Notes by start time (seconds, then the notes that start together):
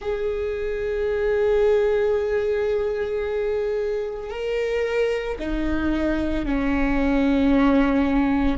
0.01 G#4
4.30 A#4
5.39 D#4
6.45 C#4